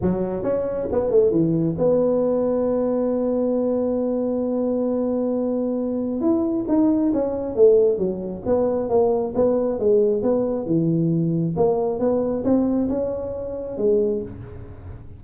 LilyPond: \new Staff \with { instrumentName = "tuba" } { \time 4/4 \tempo 4 = 135 fis4 cis'4 b8 a8 e4 | b1~ | b1~ | b2 e'4 dis'4 |
cis'4 a4 fis4 b4 | ais4 b4 gis4 b4 | e2 ais4 b4 | c'4 cis'2 gis4 | }